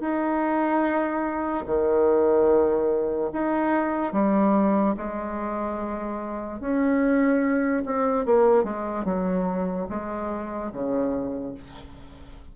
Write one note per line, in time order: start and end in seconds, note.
0.00 1.64 D#4
1.66 3.30 D#3
3.33 4.12 D#4
4.12 4.95 G3
4.97 6.60 G#3
6.60 7.83 C#4
7.85 8.25 C4
8.25 8.64 A#3
8.64 9.04 G#3
9.04 9.87 F#3
9.89 10.71 G#3
10.72 11.54 C#3